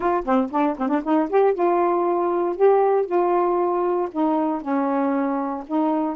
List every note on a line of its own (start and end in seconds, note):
0.00 0.24 F4
0.24 0.50 C4
0.51 0.76 D4
0.78 0.88 C4
0.88 1.01 D4
1.03 1.29 D#4
1.29 1.54 G4
1.54 2.55 F4
2.55 3.06 G4
3.06 4.08 F4
4.11 4.61 D#4
4.61 5.64 C#4
5.67 6.16 D#4